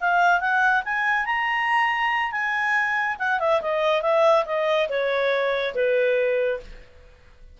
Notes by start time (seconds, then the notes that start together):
0.00 F5
0.40 F#5
0.85 G#5
1.25 A#5
2.31 G#5
3.19 F#5
3.39 E5
3.61 D#5
4.02 E5
4.45 D#5
4.89 C#5
5.74 B4